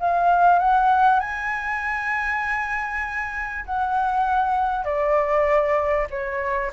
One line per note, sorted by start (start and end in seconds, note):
0.00 0.59 F5
0.59 1.20 F#5
1.20 3.65 G#5
3.65 4.85 F#5
4.85 6.07 D5
6.10 6.71 C#5